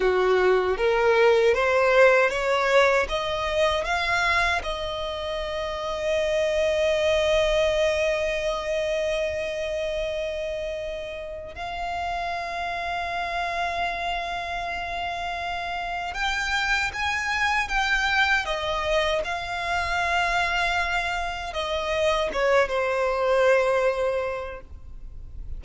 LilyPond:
\new Staff \with { instrumentName = "violin" } { \time 4/4 \tempo 4 = 78 fis'4 ais'4 c''4 cis''4 | dis''4 f''4 dis''2~ | dis''1~ | dis''2. f''4~ |
f''1~ | f''4 g''4 gis''4 g''4 | dis''4 f''2. | dis''4 cis''8 c''2~ c''8 | }